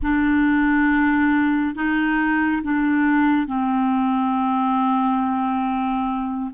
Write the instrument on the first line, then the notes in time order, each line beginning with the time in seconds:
clarinet
0.02 D4
1.75 D#4
2.63 D4
3.46 C4